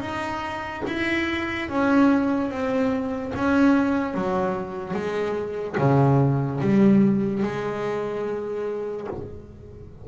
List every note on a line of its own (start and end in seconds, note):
0.00 0.82 D#4
0.87 1.69 E4
1.69 2.50 C#4
2.50 3.33 C4
3.35 4.14 C#4
4.14 4.94 F#3
4.94 5.76 G#3
5.78 6.60 C#3
6.61 7.43 G3
7.43 9.07 G#3